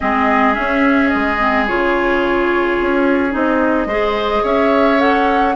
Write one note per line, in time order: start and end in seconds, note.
0.00 0.57 G#3
0.00 0.53 C4
0.00 3.88 G#4
0.00 0.54 D#5
0.53 1.37 C#4
0.53 1.13 C#4
0.53 1.08 E5
1.08 1.64 D#5
1.14 1.70 G#3
1.39 1.67 C4
1.67 2.80 C#3
1.67 3.30 F4
1.67 3.34 C#5
2.80 3.34 C#4
3.30 3.85 C4
3.30 3.86 D#4
3.30 4.45 D#5
3.85 4.41 G#3
3.85 4.98 G#4
3.85 4.43 C5
4.43 5.55 C#4
4.43 5.54 C#5
4.43 5.00 E5
4.98 5.54 A4
4.98 5.55 F#5